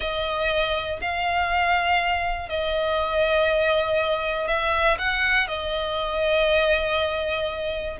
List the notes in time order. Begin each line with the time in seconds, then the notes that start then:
0.00 D#5
1.01 F5
2.49 D#5
4.47 E5
4.98 F#5
5.47 D#5